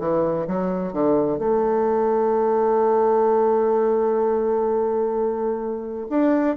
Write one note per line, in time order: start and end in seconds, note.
0.00 0.47 E3
0.47 0.93 F#3
0.93 1.39 D3
1.39 6.08 A3
6.10 6.57 D4